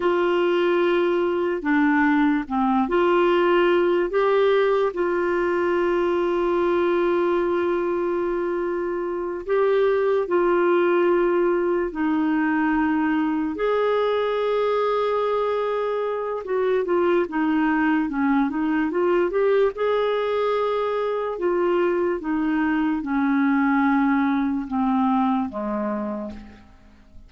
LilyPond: \new Staff \with { instrumentName = "clarinet" } { \time 4/4 \tempo 4 = 73 f'2 d'4 c'8 f'8~ | f'4 g'4 f'2~ | f'2.~ f'8 g'8~ | g'8 f'2 dis'4.~ |
dis'8 gis'2.~ gis'8 | fis'8 f'8 dis'4 cis'8 dis'8 f'8 g'8 | gis'2 f'4 dis'4 | cis'2 c'4 gis4 | }